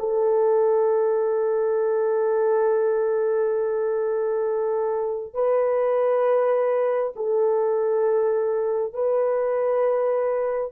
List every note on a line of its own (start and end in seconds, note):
0.00 5.34 A4
5.34 7.14 B4
7.16 8.94 A4
8.94 10.73 B4